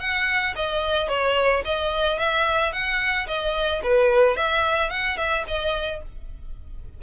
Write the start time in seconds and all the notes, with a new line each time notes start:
0.00 F#5
0.56 D#5
1.09 C#5
1.65 D#5
2.19 E5
2.72 F#5
3.27 D#5
3.84 B4
4.36 E5
4.90 F#5
5.17 E5
5.48 D#5